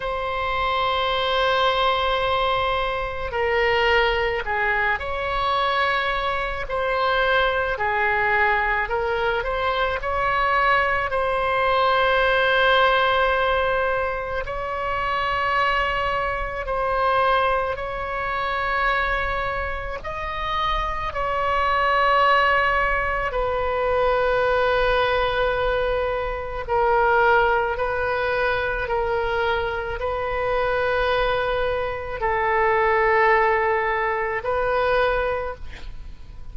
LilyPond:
\new Staff \with { instrumentName = "oboe" } { \time 4/4 \tempo 4 = 54 c''2. ais'4 | gis'8 cis''4. c''4 gis'4 | ais'8 c''8 cis''4 c''2~ | c''4 cis''2 c''4 |
cis''2 dis''4 cis''4~ | cis''4 b'2. | ais'4 b'4 ais'4 b'4~ | b'4 a'2 b'4 | }